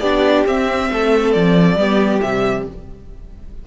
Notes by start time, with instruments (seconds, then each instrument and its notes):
0.00 cello B3, viola D4, violin G4 D5
0.46 cello C4, viola C4, violin E5
0.91 cello A3, violin A4
1.32 cello F3, violin D5
1.76 cello G3, viola B3, violin G4
2.21 cello C3, viola G3, violin E5